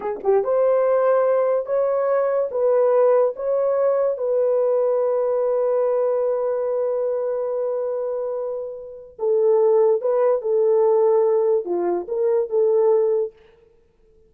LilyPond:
\new Staff \with { instrumentName = "horn" } { \time 4/4 \tempo 4 = 144 gis'8 g'8 c''2. | cis''2 b'2 | cis''2 b'2~ | b'1~ |
b'1~ | b'2 a'2 | b'4 a'2. | f'4 ais'4 a'2 | }